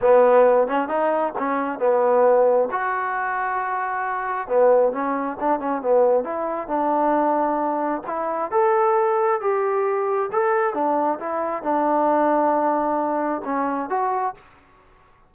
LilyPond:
\new Staff \with { instrumentName = "trombone" } { \time 4/4 \tempo 4 = 134 b4. cis'8 dis'4 cis'4 | b2 fis'2~ | fis'2 b4 cis'4 | d'8 cis'8 b4 e'4 d'4~ |
d'2 e'4 a'4~ | a'4 g'2 a'4 | d'4 e'4 d'2~ | d'2 cis'4 fis'4 | }